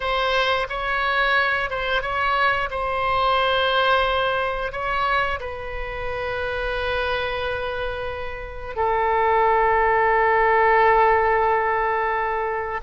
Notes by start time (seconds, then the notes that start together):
0.00 C5
0.69 C#5
1.70 C5
2.02 C#5
2.70 C5
4.72 C#5
5.39 B4
8.76 A4